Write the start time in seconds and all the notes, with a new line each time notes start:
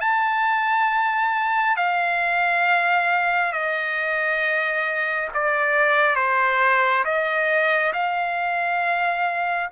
0.00 A5
1.76 F5
3.52 D#5
5.33 D5
6.15 C5
7.04 D#5
7.93 F5